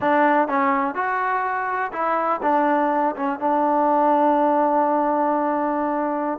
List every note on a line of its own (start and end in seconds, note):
0.00 0.48 D4
0.48 0.94 C#4
0.94 1.91 F#4
1.92 2.40 E4
2.42 3.15 D4
3.16 3.39 C#4
3.39 6.39 D4